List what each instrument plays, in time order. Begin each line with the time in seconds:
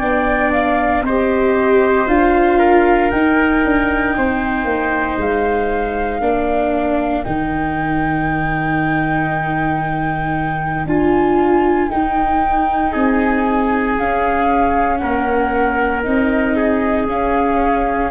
0.00 tuba B3, viola D4, trumpet D5, flute G5
0.53 flute F5
1.02 tuba C4, trumpet C5, flute D#5
1.09 viola G4
2.08 tuba D4, viola F4, flute F5
2.59 trumpet A#4
3.11 tuba D#4, viola D#4, flute G5
3.65 tuba D4
4.18 tuba C4, trumpet C5
4.65 tuba A#3
5.18 tuba G#3, flute F5
6.20 tuba A#3, viola D4, trumpet A#4
7.24 tuba D#3, viola D#4, flute G5
10.86 tuba D4, viola F4, flute G#5
11.90 viola D#4, tuba D#4, flute G5
12.92 tuba C4, trumpet G#4, flute G#5
13.98 tuba C#4, viola C#4, flute F5
14.98 tuba A#3, trumpet A#4, flute F#5
16.04 tuba C4, viola D#4, flute D#5
16.57 trumpet G#4
17.08 tuba C#4, viola C#4, flute F5